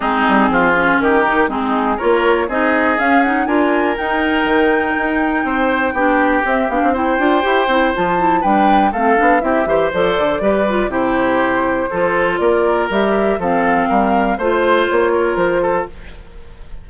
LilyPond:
<<
  \new Staff \with { instrumentName = "flute" } { \time 4/4 \tempo 4 = 121 gis'2 ais'4 gis'4 | cis''4 dis''4 f''8 fis''8 gis''4 | g''1~ | g''4 e''8 f''8 g''2 |
a''4 g''4 f''4 e''4 | d''2 c''2~ | c''4 d''4 e''4 f''4~ | f''4 c''4 cis''4 c''4 | }
  \new Staff \with { instrumentName = "oboe" } { \time 4/4 dis'4 f'4 g'4 dis'4 | ais'4 gis'2 ais'4~ | ais'2. c''4 | g'2 c''2~ |
c''4 b'4 a'4 g'8 c''8~ | c''4 b'4 g'2 | a'4 ais'2 a'4 | ais'4 c''4. ais'4 a'8 | }
  \new Staff \with { instrumentName = "clarinet" } { \time 4/4 c'4. cis'4 dis'8 c'4 | f'4 dis'4 cis'8 dis'8 f'4 | dis'1 | d'4 c'8 d'8 e'8 f'8 g'8 e'8 |
f'8 e'8 d'4 c'8 d'8 e'8 g'8 | a'4 g'8 f'8 e'2 | f'2 g'4 c'4~ | c'4 f'2. | }
  \new Staff \with { instrumentName = "bassoon" } { \time 4/4 gis8 g8 f4 dis4 gis4 | ais4 c'4 cis'4 d'4 | dis'4 dis4 dis'4 c'4 | b4 c'8 b16 c'8. d'8 e'8 c'8 |
f4 g4 a8 b8 c'8 e8 | f8 d8 g4 c2 | f4 ais4 g4 f4 | g4 a4 ais4 f4 | }
>>